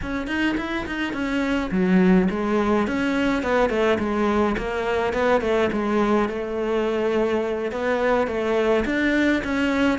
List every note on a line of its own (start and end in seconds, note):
0.02 0.27 C#4
0.27 0.55 D#4
0.57 0.85 E4
0.86 1.13 D#4
1.13 1.70 C#4
1.71 2.28 F#3
2.30 2.87 G#3
2.87 3.42 C#4
3.42 3.69 B3
3.69 3.98 A3
3.98 4.56 G#3
4.57 5.13 A#3
5.13 5.41 B3
5.41 5.70 A3
5.72 6.29 G#3
6.29 7.71 A3
7.71 8.27 B3
8.27 8.84 A3
8.85 9.42 D4
9.43 9.98 C#4